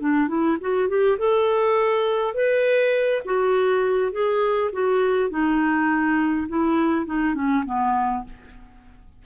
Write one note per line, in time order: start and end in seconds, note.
0.00 0.28 D4
0.28 0.57 E4
0.61 0.89 F#4
0.89 1.18 G4
1.18 2.34 A4
2.34 3.22 B4
3.25 4.12 F#4
4.12 4.71 G#4
4.73 5.30 F#4
5.30 6.48 D#4
6.49 7.06 E4
7.06 7.35 D#4
7.35 7.64 C#4
7.66 8.24 B3